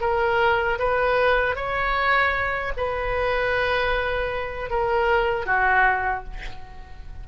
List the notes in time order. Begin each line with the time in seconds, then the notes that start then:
0.00 A#4
0.78 B4
1.55 C#5
2.76 B4
4.70 A#4
5.46 F#4